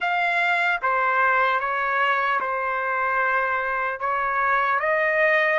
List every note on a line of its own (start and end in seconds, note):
0.00 0.80 F5
0.82 1.60 C5
1.60 2.40 C#5
2.40 4.00 C5
4.00 4.79 C#5
4.79 5.59 D#5